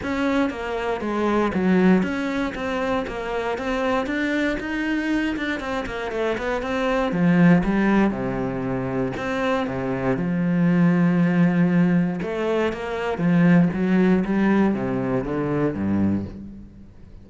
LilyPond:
\new Staff \with { instrumentName = "cello" } { \time 4/4 \tempo 4 = 118 cis'4 ais4 gis4 fis4 | cis'4 c'4 ais4 c'4 | d'4 dis'4. d'8 c'8 ais8 | a8 b8 c'4 f4 g4 |
c2 c'4 c4 | f1 | a4 ais4 f4 fis4 | g4 c4 d4 g,4 | }